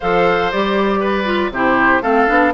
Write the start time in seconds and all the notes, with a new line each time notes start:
0.00 F3 A4 C5 F5
0.51 G3 G4 D5
1.00 B4
1.25 F4
1.50 C3 E4 G4 C5
2.01 A3 C4 A4 F5
2.27 B3 D4